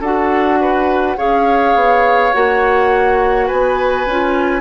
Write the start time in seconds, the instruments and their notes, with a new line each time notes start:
0.00 bassoon D4, clarinet F#4, oboe A4, flute F#5
0.61 oboe B4
1.17 bassoon C#4, clarinet G#4, oboe C#5, flute F5
1.74 bassoon B3
2.33 bassoon A#3, clarinet F#4, flute F#5
3.46 bassoon B3, oboe B4, flute G#5
4.06 bassoon C#4, clarinet F4